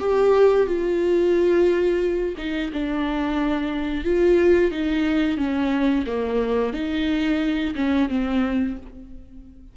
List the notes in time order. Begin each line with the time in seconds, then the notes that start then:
0.00 G4
0.67 F4
2.38 D#4
2.73 D4
4.04 F4
4.72 D#4
5.38 C#4
6.07 A#3
6.74 D#4
7.75 C#4
8.09 C4